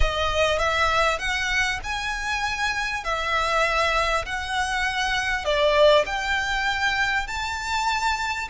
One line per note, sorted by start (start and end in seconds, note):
0.00 0.59 D#5
0.59 1.18 E5
1.18 1.79 F#5
1.83 3.04 G#5
3.04 4.25 E5
4.25 5.44 F#5
5.44 6.05 D5
6.06 7.27 G5
7.27 8.48 A5